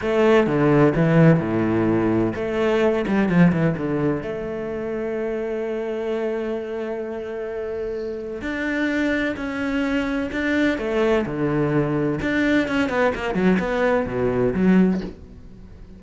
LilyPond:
\new Staff \with { instrumentName = "cello" } { \time 4/4 \tempo 4 = 128 a4 d4 e4 a,4~ | a,4 a4. g8 f8 e8 | d4 a2.~ | a1~ |
a2 d'2 | cis'2 d'4 a4 | d2 d'4 cis'8 b8 | ais8 fis8 b4 b,4 fis4 | }